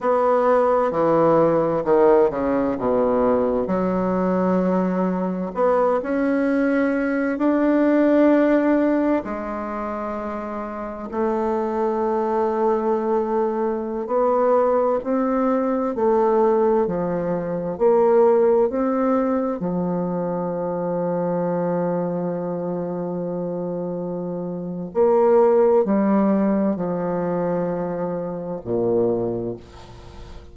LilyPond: \new Staff \with { instrumentName = "bassoon" } { \time 4/4 \tempo 4 = 65 b4 e4 dis8 cis8 b,4 | fis2 b8 cis'4. | d'2 gis2 | a2.~ a16 b8.~ |
b16 c'4 a4 f4 ais8.~ | ais16 c'4 f2~ f8.~ | f2. ais4 | g4 f2 ais,4 | }